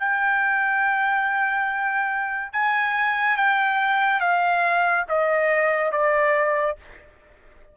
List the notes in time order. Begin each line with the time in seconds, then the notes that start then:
0.00 G5
2.53 G#5
3.37 G5
4.21 F5
5.09 D#5
5.92 D5